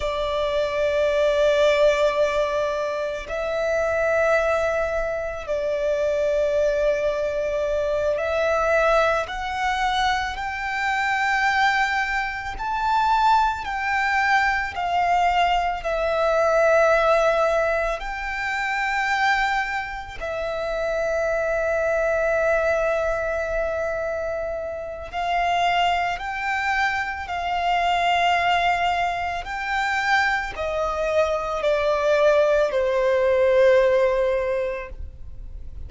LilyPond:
\new Staff \with { instrumentName = "violin" } { \time 4/4 \tempo 4 = 55 d''2. e''4~ | e''4 d''2~ d''8 e''8~ | e''8 fis''4 g''2 a''8~ | a''8 g''4 f''4 e''4.~ |
e''8 g''2 e''4.~ | e''2. f''4 | g''4 f''2 g''4 | dis''4 d''4 c''2 | }